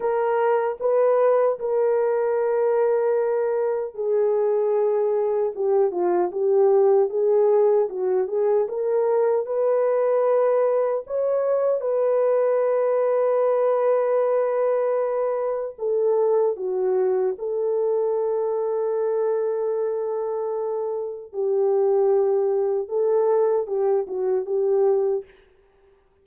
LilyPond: \new Staff \with { instrumentName = "horn" } { \time 4/4 \tempo 4 = 76 ais'4 b'4 ais'2~ | ais'4 gis'2 g'8 f'8 | g'4 gis'4 fis'8 gis'8 ais'4 | b'2 cis''4 b'4~ |
b'1 | a'4 fis'4 a'2~ | a'2. g'4~ | g'4 a'4 g'8 fis'8 g'4 | }